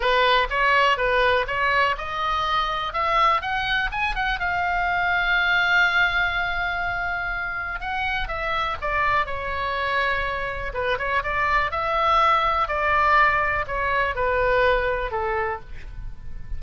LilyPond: \new Staff \with { instrumentName = "oboe" } { \time 4/4 \tempo 4 = 123 b'4 cis''4 b'4 cis''4 | dis''2 e''4 fis''4 | gis''8 fis''8 f''2.~ | f''1 |
fis''4 e''4 d''4 cis''4~ | cis''2 b'8 cis''8 d''4 | e''2 d''2 | cis''4 b'2 a'4 | }